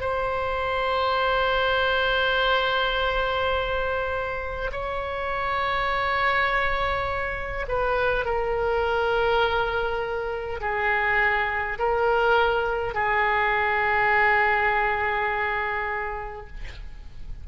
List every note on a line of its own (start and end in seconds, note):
0.00 4.71 C5
4.72 7.66 C#5
7.68 8.25 B4
8.25 10.60 A#4
10.60 11.78 G#4
11.79 12.94 A#4
12.94 16.47 G#4